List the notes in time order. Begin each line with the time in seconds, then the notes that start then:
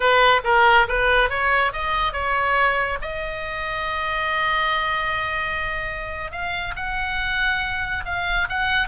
0.00 B4
0.44 A#4
0.88 B4
1.29 C#5
1.73 D#5
2.12 C#5
3.01 D#5
6.31 F5
6.76 F#5
8.05 F5
8.49 F#5